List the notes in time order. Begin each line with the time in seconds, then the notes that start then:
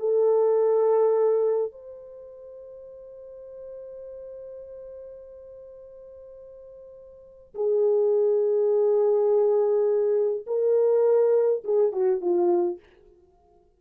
0.00 A4
1.72 C5
7.55 G#4
10.47 A#4
11.65 G#4
11.93 F#4
12.21 F4